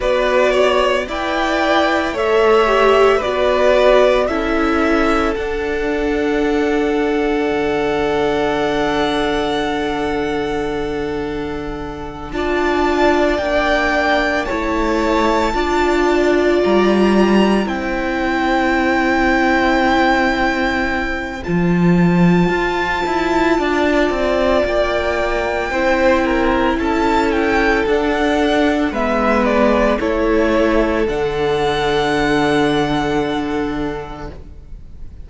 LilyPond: <<
  \new Staff \with { instrumentName = "violin" } { \time 4/4 \tempo 4 = 56 d''4 g''4 e''4 d''4 | e''4 fis''2.~ | fis''2.~ fis''8 a''8~ | a''8 g''4 a''2 ais''8~ |
ais''8 g''2.~ g''8 | a''2. g''4~ | g''4 a''8 g''8 fis''4 e''8 d''8 | cis''4 fis''2. | }
  \new Staff \with { instrumentName = "violin" } { \time 4/4 b'8 cis''8 d''4 cis''4 b'4 | a'1~ | a'2.~ a'8 d''8~ | d''4. cis''4 d''4.~ |
d''8 c''2.~ c''8~ | c''2 d''2 | c''8 ais'8 a'2 b'4 | a'1 | }
  \new Staff \with { instrumentName = "viola" } { \time 4/4 fis'4 b'4 a'8 g'8 fis'4 | e'4 d'2.~ | d'2.~ d'8 f'8~ | f'8 d'4 e'4 f'4.~ |
f'8 e'2.~ e'8 | f'1 | e'2 d'4 b4 | e'4 d'2. | }
  \new Staff \with { instrumentName = "cello" } { \time 4/4 b4 e'4 a4 b4 | cis'4 d'2 d4~ | d2.~ d8 d'8~ | d'8 ais4 a4 d'4 g8~ |
g8 c'2.~ c'8 | f4 f'8 e'8 d'8 c'8 ais4 | c'4 cis'4 d'4 gis4 | a4 d2. | }
>>